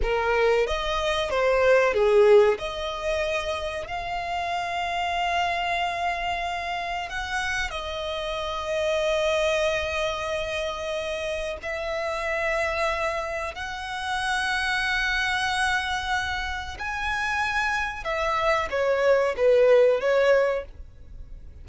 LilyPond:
\new Staff \with { instrumentName = "violin" } { \time 4/4 \tempo 4 = 93 ais'4 dis''4 c''4 gis'4 | dis''2 f''2~ | f''2. fis''4 | dis''1~ |
dis''2 e''2~ | e''4 fis''2.~ | fis''2 gis''2 | e''4 cis''4 b'4 cis''4 | }